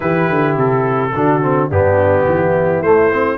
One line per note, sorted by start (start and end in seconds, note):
0.00 0.29 E3
0.00 1.10 E4
0.00 1.13 G4
0.00 0.56 B4
0.29 0.56 D3
0.56 1.13 C3
0.56 1.70 A4
1.13 1.70 D3
1.13 1.42 D4
1.13 1.69 F#4
1.42 1.70 C4
1.69 2.25 G2
1.69 2.84 B3
1.69 2.25 D4
1.69 2.82 G4
2.25 2.81 E3
2.25 3.38 E4
2.81 3.38 A3
2.81 3.10 A3
2.81 3.38 C5
3.10 3.38 C4